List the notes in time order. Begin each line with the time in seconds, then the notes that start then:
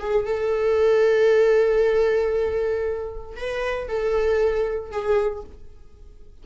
0.00 G#4
0.26 A4
3.37 B4
3.89 A4
4.92 G#4